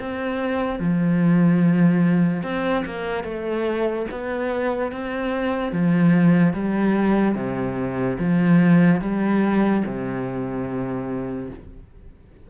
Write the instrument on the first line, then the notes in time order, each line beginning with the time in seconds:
cello
0.00 C4
0.80 F3
2.44 C4
2.86 A#3
3.24 A3
4.12 B3
4.92 C4
5.73 F3
6.54 G3
7.36 C3
8.20 F3
9.01 G3
9.86 C3